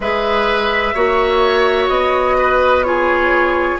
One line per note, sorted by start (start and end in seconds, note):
0.00 0.92 G#3
0.00 0.95 G#4
0.00 0.94 B4
0.00 1.88 E5
0.94 1.88 A#3
0.94 2.84 F#4
0.94 2.37 C#5
1.88 3.79 B3
1.88 2.83 D#5
2.38 2.85 B4
2.83 3.79 F4
2.83 3.80 G#4
2.83 3.78 C#5